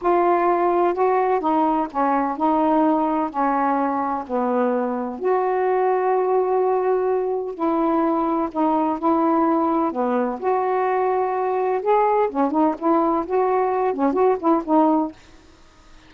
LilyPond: \new Staff \with { instrumentName = "saxophone" } { \time 4/4 \tempo 4 = 127 f'2 fis'4 dis'4 | cis'4 dis'2 cis'4~ | cis'4 b2 fis'4~ | fis'1 |
e'2 dis'4 e'4~ | e'4 b4 fis'2~ | fis'4 gis'4 cis'8 dis'8 e'4 | fis'4. cis'8 fis'8 e'8 dis'4 | }